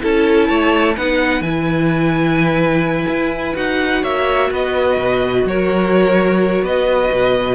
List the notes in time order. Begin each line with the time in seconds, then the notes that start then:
0.00 C#4 E4 A4 A5
0.48 A3 C#5
0.96 B3 D#4 B4 F#5
1.40 E3 E4 G#5
3.08 E4
3.54 D#4 F#4 F#5
4.02 A#3 C#5 E5
4.50 B3 B4 D#5
4.97 B2
5.44 F#3 A#4 C#5
6.62 B3 B4 D#5
7.12 B2